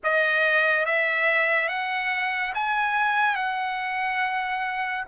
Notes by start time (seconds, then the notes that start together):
0.03 D#5
0.85 E5
1.68 F#5
2.54 G#5
3.35 F#5